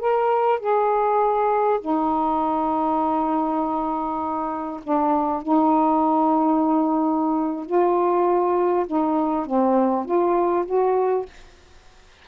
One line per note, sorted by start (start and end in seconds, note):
0.00 0.60 A#4
0.60 1.80 G#4
1.81 4.81 D#4
4.84 5.43 D4
5.43 7.67 D#4
7.67 8.87 F4
8.87 9.47 D#4
9.47 10.06 C4
10.06 10.66 F4
10.66 11.26 F#4